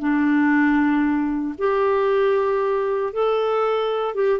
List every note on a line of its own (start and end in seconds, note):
0.00 1.55 D4
1.59 3.14 G4
3.14 4.15 A4
4.15 4.40 G4